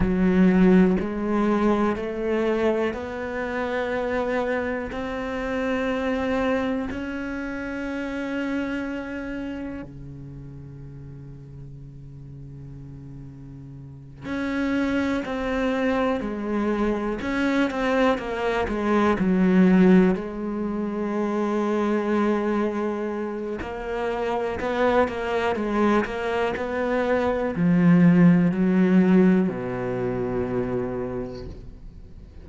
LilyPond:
\new Staff \with { instrumentName = "cello" } { \time 4/4 \tempo 4 = 61 fis4 gis4 a4 b4~ | b4 c'2 cis'4~ | cis'2 cis2~ | cis2~ cis8 cis'4 c'8~ |
c'8 gis4 cis'8 c'8 ais8 gis8 fis8~ | fis8 gis2.~ gis8 | ais4 b8 ais8 gis8 ais8 b4 | f4 fis4 b,2 | }